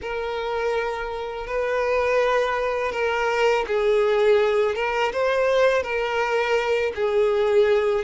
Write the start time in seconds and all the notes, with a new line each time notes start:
0.01 A#4
1.46 B4
2.92 A#4
3.67 G#4
4.75 A#4
5.12 C5
5.82 A#4
6.95 G#4